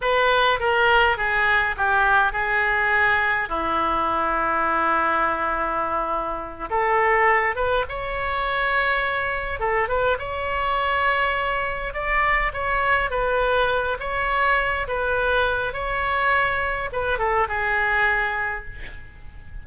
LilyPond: \new Staff \with { instrumentName = "oboe" } { \time 4/4 \tempo 4 = 103 b'4 ais'4 gis'4 g'4 | gis'2 e'2~ | e'2.~ e'8 a'8~ | a'4 b'8 cis''2~ cis''8~ |
cis''8 a'8 b'8 cis''2~ cis''8~ | cis''8 d''4 cis''4 b'4. | cis''4. b'4. cis''4~ | cis''4 b'8 a'8 gis'2 | }